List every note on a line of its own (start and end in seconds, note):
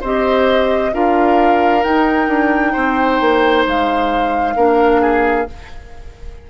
0.00 0.93 C4
0.00 0.92 G4
0.00 0.91 C5
0.00 0.93 D#5
0.92 1.84 D4
0.92 1.83 F4
0.92 2.72 A#4
0.92 1.83 F5
1.83 4.55 D#4
1.83 2.27 D#4
1.83 3.65 G5
2.27 2.73 D4
2.72 3.20 C4
2.72 4.54 C5
3.20 3.65 A#3
3.66 4.55 G#3
3.66 5.50 F5
4.55 5.46 A#3
4.55 5.46 D4
4.55 5.01 A#4
5.01 5.46 G#4